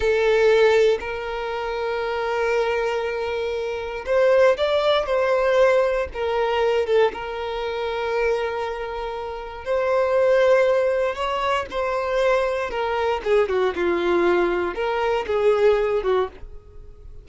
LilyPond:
\new Staff \with { instrumentName = "violin" } { \time 4/4 \tempo 4 = 118 a'2 ais'2~ | ais'1 | c''4 d''4 c''2 | ais'4. a'8 ais'2~ |
ais'2. c''4~ | c''2 cis''4 c''4~ | c''4 ais'4 gis'8 fis'8 f'4~ | f'4 ais'4 gis'4. fis'8 | }